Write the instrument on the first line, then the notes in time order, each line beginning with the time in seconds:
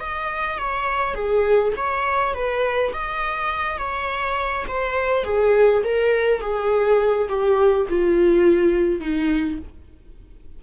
viola
0.00 D#5
0.58 C#5
1.14 G#4
1.76 C#5
2.34 B4
2.93 D#5
3.77 C#5
4.67 C5
5.24 G#4
5.84 A#4
6.41 G#4
7.28 G4
7.89 F4
9.00 D#4